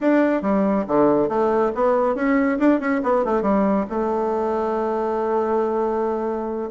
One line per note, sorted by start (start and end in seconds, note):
0.00 0.42 D4
0.42 0.85 G3
0.87 1.28 D3
1.28 1.71 A3
1.74 2.15 B3
2.15 2.58 C#4
2.58 2.79 D4
2.79 3.01 C#4
3.03 3.24 B3
3.24 3.42 A3
3.42 3.85 G3
3.89 6.70 A3